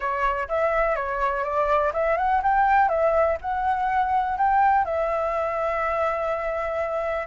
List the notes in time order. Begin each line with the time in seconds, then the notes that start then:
0.00 C#5
0.48 E5
0.95 C#5
1.44 D5
1.93 E5
2.17 F#5
2.42 G5
2.88 E5
3.41 F#5
4.37 G5
4.85 E5